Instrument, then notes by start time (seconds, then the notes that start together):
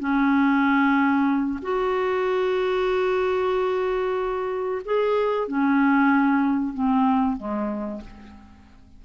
clarinet
0.00 C#4
1.62 F#4
4.85 G#4
5.48 C#4
6.74 C4
7.38 G#3